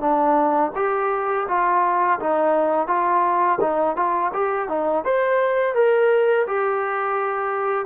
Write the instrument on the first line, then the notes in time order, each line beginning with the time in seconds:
trombone
0.00 D4
0.75 G4
1.48 F4
2.20 D#4
2.87 F4
3.60 D#4
3.96 F4
4.33 G4
4.69 D#4
5.04 C5
5.75 A#4
6.47 G4